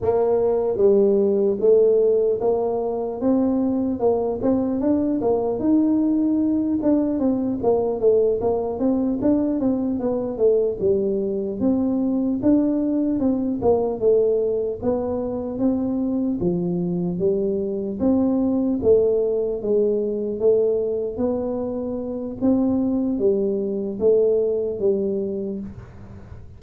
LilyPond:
\new Staff \with { instrumentName = "tuba" } { \time 4/4 \tempo 4 = 75 ais4 g4 a4 ais4 | c'4 ais8 c'8 d'8 ais8 dis'4~ | dis'8 d'8 c'8 ais8 a8 ais8 c'8 d'8 | c'8 b8 a8 g4 c'4 d'8~ |
d'8 c'8 ais8 a4 b4 c'8~ | c'8 f4 g4 c'4 a8~ | a8 gis4 a4 b4. | c'4 g4 a4 g4 | }